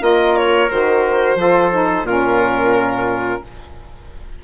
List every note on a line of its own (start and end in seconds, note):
0.00 0.70 A#3
0.00 0.68 F4
0.00 1.38 A#4
0.00 0.37 D#5
0.37 0.70 C#5
0.69 1.36 D#3
0.69 1.37 F#4
0.69 2.07 C5
1.36 2.03 F3
1.36 1.71 F4
1.36 2.07 A4
1.72 2.06 D#4
2.03 3.39 A#2
2.03 3.43 C#4
2.03 3.43 F4
2.03 3.44 A#4